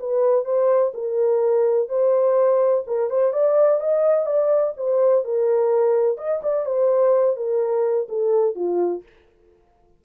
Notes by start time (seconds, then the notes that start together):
0.00 B4
0.45 C5
0.94 A#4
1.89 C5
2.87 A#4
3.10 C5
3.33 D5
3.81 D#5
4.26 D5
4.77 C5
5.25 A#4
6.18 D#5
6.43 D5
6.66 C5
7.37 A#4
8.09 A4
8.55 F4